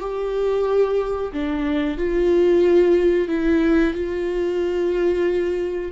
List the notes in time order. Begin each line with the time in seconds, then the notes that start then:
0.00 G4
1.32 D4
1.98 F4
3.28 E4
3.94 F4